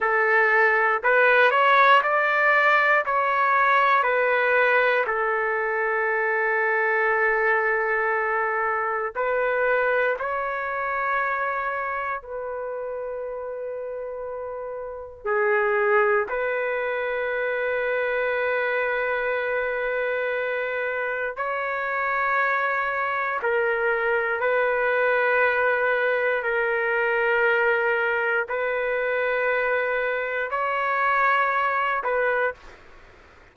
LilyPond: \new Staff \with { instrumentName = "trumpet" } { \time 4/4 \tempo 4 = 59 a'4 b'8 cis''8 d''4 cis''4 | b'4 a'2.~ | a'4 b'4 cis''2 | b'2. gis'4 |
b'1~ | b'4 cis''2 ais'4 | b'2 ais'2 | b'2 cis''4. b'8 | }